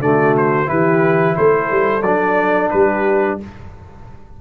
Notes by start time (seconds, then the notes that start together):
0.00 D3 A3 F#4 D5
0.37 C5
0.67 E3 E4 G4 B4
1.37 A3 A4 C5
1.72 G3
2.03 F#3 D4 D5
2.71 G3 G4 B4